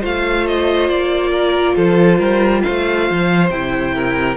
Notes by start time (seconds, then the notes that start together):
0.00 A3 F4 C5 F5
0.47 D#5
0.89 A#3 D5
1.31 A#4
1.75 F3 A4 C5
2.18 G3 A#4
2.62 C5 F5
2.68 A3
3.10 F3
3.50 C3 E4 G5
3.94 A#4